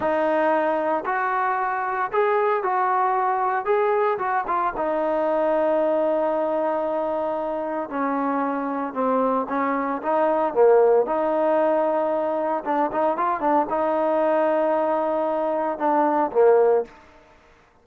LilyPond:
\new Staff \with { instrumentName = "trombone" } { \time 4/4 \tempo 4 = 114 dis'2 fis'2 | gis'4 fis'2 gis'4 | fis'8 f'8 dis'2.~ | dis'2. cis'4~ |
cis'4 c'4 cis'4 dis'4 | ais4 dis'2. | d'8 dis'8 f'8 d'8 dis'2~ | dis'2 d'4 ais4 | }